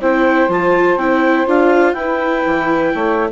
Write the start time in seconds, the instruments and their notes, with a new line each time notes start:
0.00 bassoon C4, viola E4, saxophone C5, clarinet G5
0.48 bassoon F3, viola F4, clarinet A5
0.97 bassoon C4, viola E4, clarinet G5
1.46 bassoon D4, viola F4, clarinet F5
1.93 bassoon E4, viola E4, saxophone B4, clarinet G5
2.46 bassoon E3
2.93 bassoon A3, saxophone C#5